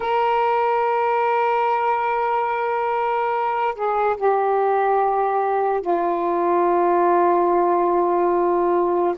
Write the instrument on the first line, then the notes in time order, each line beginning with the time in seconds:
saxophone
0.00 A#4
3.74 G#4
4.16 G4
5.81 F4